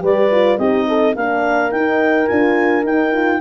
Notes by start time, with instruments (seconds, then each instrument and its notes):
0.00 tuba G3, horn G4 B4, clarinet D5
0.31 horn F4
0.58 tuba C4, horn D#4 G4, clarinet D#5
0.89 horn A4
1.16 tuba A#3, horn D4 A#4, clarinet F5
1.72 tuba D#4, horn D#4, clarinet G5
2.27 tuba D4, horn F4, clarinet G#5
2.84 tuba D#4, horn D#4, clarinet G5
3.13 horn F4